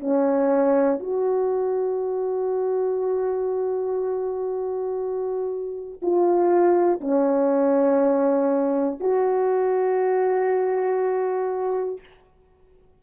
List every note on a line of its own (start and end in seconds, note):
0.00 1.00 C#4
1.00 6.00 F#4
6.02 7.01 F4
7.01 9.00 C#4
9.00 12.00 F#4